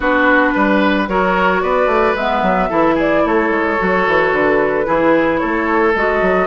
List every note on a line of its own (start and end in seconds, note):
0.00 0.53 B3
0.00 1.08 D4
0.00 0.54 F#4
0.00 1.09 B4
0.55 1.08 G3
0.55 1.09 B4
1.08 1.62 F#3
1.08 2.16 F#4
1.08 1.62 A#4
1.08 1.61 C#5
1.61 1.86 B3
1.61 2.69 B4
1.61 2.15 D5
1.86 2.13 A3
2.15 2.42 G#3
2.15 2.69 B3
2.15 2.96 E5
2.42 2.69 F#3
2.69 3.25 E3
2.69 3.77 E4
2.69 2.94 A4
2.94 3.21 G#4
2.94 3.26 D5
3.25 3.50 A3
3.25 4.86 A4
3.25 4.34 C#5
3.50 3.77 G#3
3.78 4.07 F#3
3.78 4.84 F#4
4.07 4.32 E3
4.32 4.86 D3
4.32 5.38 B4
4.84 5.42 E3
4.84 5.93 E4
4.84 5.40 G#4
5.38 5.95 A3
5.38 6.47 A4
5.38 5.92 C#5
5.95 6.21 G#3
5.95 6.47 F#4
5.95 6.47 D#5
6.21 6.47 F#3